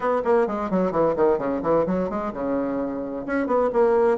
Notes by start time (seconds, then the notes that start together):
0.00 B3
0.24 A#3
0.47 G#3
0.70 F#3
0.91 E3
1.16 D#3
1.38 C#3
1.62 E3
1.86 F#3
2.09 G#3
2.33 C#3
3.26 C#4
3.47 B3
3.73 A#3